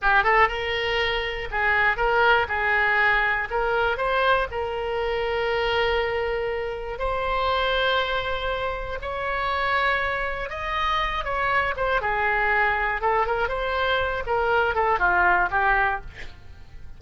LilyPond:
\new Staff \with { instrumentName = "oboe" } { \time 4/4 \tempo 4 = 120 g'8 a'8 ais'2 gis'4 | ais'4 gis'2 ais'4 | c''4 ais'2.~ | ais'2 c''2~ |
c''2 cis''2~ | cis''4 dis''4. cis''4 c''8 | gis'2 a'8 ais'8 c''4~ | c''8 ais'4 a'8 f'4 g'4 | }